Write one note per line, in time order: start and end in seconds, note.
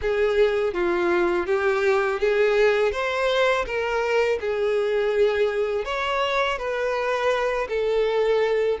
0.01 0.73 G#4
0.73 1.46 F4
1.46 2.19 G4
2.19 2.92 G#4
2.92 3.65 C5
3.66 4.39 A#4
4.40 5.84 G#4
5.84 6.58 C#5
6.58 7.67 B4
7.68 8.78 A4